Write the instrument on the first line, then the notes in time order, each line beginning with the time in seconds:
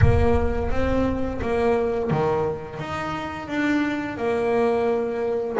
double bass
0.01 A#3
0.70 C4
1.41 A#3
2.10 D#3
2.79 D#4
3.48 D4
4.17 A#3